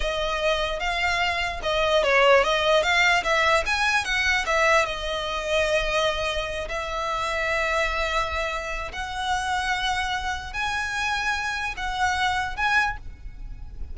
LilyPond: \new Staff \with { instrumentName = "violin" } { \time 4/4 \tempo 4 = 148 dis''2 f''2 | dis''4 cis''4 dis''4 f''4 | e''4 gis''4 fis''4 e''4 | dis''1~ |
dis''8 e''2.~ e''8~ | e''2 fis''2~ | fis''2 gis''2~ | gis''4 fis''2 gis''4 | }